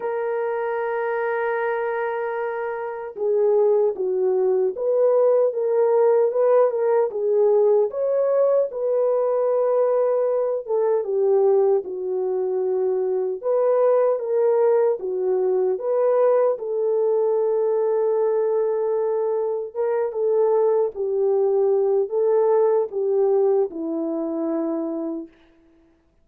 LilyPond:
\new Staff \with { instrumentName = "horn" } { \time 4/4 \tempo 4 = 76 ais'1 | gis'4 fis'4 b'4 ais'4 | b'8 ais'8 gis'4 cis''4 b'4~ | b'4. a'8 g'4 fis'4~ |
fis'4 b'4 ais'4 fis'4 | b'4 a'2.~ | a'4 ais'8 a'4 g'4. | a'4 g'4 e'2 | }